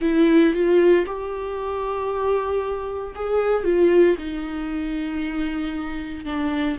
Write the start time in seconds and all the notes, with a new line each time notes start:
0.01 E4
0.53 F4
1.06 G4
3.15 G#4
3.64 F4
4.18 D#4
6.25 D4